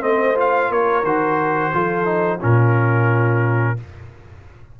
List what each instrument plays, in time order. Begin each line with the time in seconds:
0.00 tuba A3, trombone C4, horn C5, trumpet D#5
0.35 trombone F4, trumpet F5
0.70 tuba A#3, horn A#4, trumpet C#5
1.04 tuba D#3, trombone F#4, trumpet C5
1.73 tuba F3, trombone F4, horn A4
2.05 trombone D#4
2.38 tuba A#2, trombone C#4, horn F4, trumpet A#4